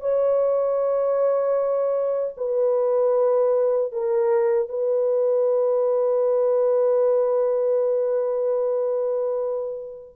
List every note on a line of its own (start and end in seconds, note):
0.00 2.34 C#5
2.37 3.92 B4
3.92 4.69 A#4
4.69 10.14 B4